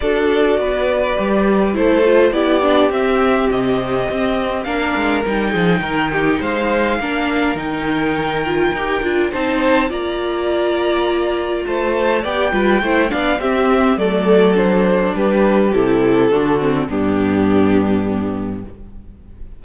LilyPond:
<<
  \new Staff \with { instrumentName = "violin" } { \time 4/4 \tempo 4 = 103 d''2. c''4 | d''4 e''4 dis''2 | f''4 g''2 f''4~ | f''4 g''2. |
a''4 ais''2. | a''4 g''4. f''8 e''4 | d''4 c''4 b'4 a'4~ | a'4 g'2. | }
  \new Staff \with { instrumentName = "violin" } { \time 4/4 a'4 b'2 a'4 | g'1 | ais'4. gis'8 ais'8 g'8 c''4 | ais'1 |
c''4 d''2. | c''4 d''8 b'8 c''8 d''8 g'4 | a'2 g'2 | fis'4 d'2. | }
  \new Staff \with { instrumentName = "viola" } { \time 4/4 fis'2 g'4 e'8 f'8 | e'8 d'8 c'2. | d'4 dis'2. | d'4 dis'4. f'8 g'8 f'8 |
dis'4 f'2.~ | f'4 g'8 f'8 e'8 d'8 c'4 | a4 d'2 e'4 | d'8 c'8 b2. | }
  \new Staff \with { instrumentName = "cello" } { \time 4/4 d'4 b4 g4 a4 | b4 c'4 c4 c'4 | ais8 gis8 g8 f8 dis4 gis4 | ais4 dis2 dis'8 d'8 |
c'4 ais2. | a4 b8 g8 a8 b8 c'4 | fis2 g4 c4 | d4 g,2. | }
>>